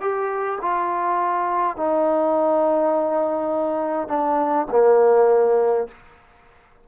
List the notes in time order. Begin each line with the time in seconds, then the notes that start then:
0.00 G4
0.61 F4
1.76 D#4
4.08 D4
4.71 A#3